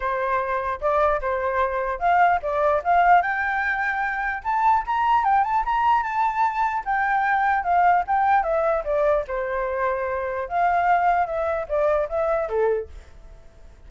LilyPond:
\new Staff \with { instrumentName = "flute" } { \time 4/4 \tempo 4 = 149 c''2 d''4 c''4~ | c''4 f''4 d''4 f''4 | g''2. a''4 | ais''4 g''8 a''8 ais''4 a''4~ |
a''4 g''2 f''4 | g''4 e''4 d''4 c''4~ | c''2 f''2 | e''4 d''4 e''4 a'4 | }